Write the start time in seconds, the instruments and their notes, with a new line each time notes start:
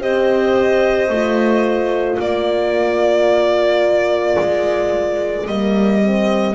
0.00 double bass C4, horn G4, clarinet C5, violin D#5
1.08 double bass A3, horn F4
2.18 double bass A#3, clarinet A#4, violin D5
4.38 double bass G#3
5.47 double bass G3, horn A#3, violin D#5
6.01 horn C4